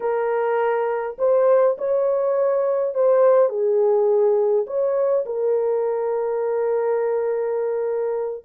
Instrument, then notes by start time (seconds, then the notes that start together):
horn
0.00 A#4
1.18 C5
1.77 C#5
2.94 C5
3.49 G#4
4.66 C#5
5.25 A#4